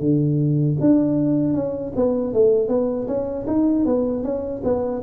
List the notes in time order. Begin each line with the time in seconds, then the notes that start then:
0.00 D3
0.81 D4
1.54 C#4
1.96 B3
2.34 A3
2.69 B3
3.08 C#4
3.47 D#4
3.86 B3
4.24 C#4
4.64 B3